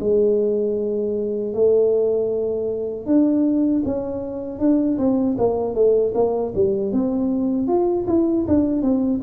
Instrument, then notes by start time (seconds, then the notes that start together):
tuba
0.00 G#3
1.53 A3
3.06 D4
3.85 C#4
4.59 D4
4.98 C4
5.38 A#3
5.75 A3
6.15 A#3
6.55 G3
6.92 C4
7.67 F4
8.07 E4
8.48 D4
8.82 C4